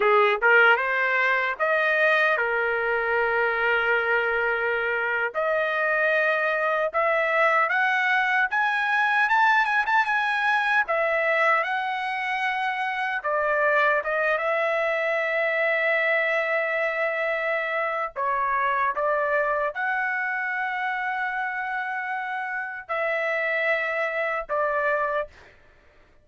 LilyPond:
\new Staff \with { instrumentName = "trumpet" } { \time 4/4 \tempo 4 = 76 gis'8 ais'8 c''4 dis''4 ais'4~ | ais'2~ ais'8. dis''4~ dis''16~ | dis''8. e''4 fis''4 gis''4 a''16~ | a''16 gis''16 a''16 gis''4 e''4 fis''4~ fis''16~ |
fis''8. d''4 dis''8 e''4.~ e''16~ | e''2. cis''4 | d''4 fis''2.~ | fis''4 e''2 d''4 | }